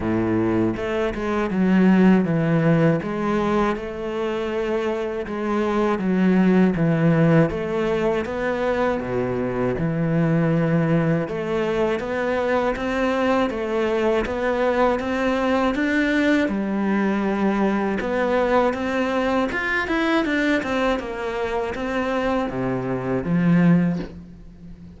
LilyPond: \new Staff \with { instrumentName = "cello" } { \time 4/4 \tempo 4 = 80 a,4 a8 gis8 fis4 e4 | gis4 a2 gis4 | fis4 e4 a4 b4 | b,4 e2 a4 |
b4 c'4 a4 b4 | c'4 d'4 g2 | b4 c'4 f'8 e'8 d'8 c'8 | ais4 c'4 c4 f4 | }